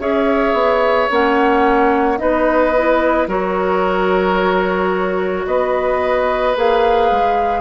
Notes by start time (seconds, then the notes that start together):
0.00 C#4 G#4 C#5 E5
0.53 B3
1.10 A#3 C#4 F#5
2.17 B3 D#4 B4 D#5
2.77 E4
3.27 F#3 F#4 A#4 C#5
5.46 B3 B4 D#5
6.56 A#3 G#4 F5
7.11 G#3